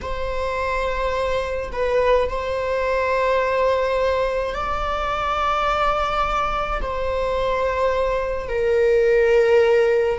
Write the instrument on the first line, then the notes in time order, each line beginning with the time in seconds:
viola
0.01 C5
1.72 B4
2.28 C5
4.54 D5
6.81 C5
8.49 A#4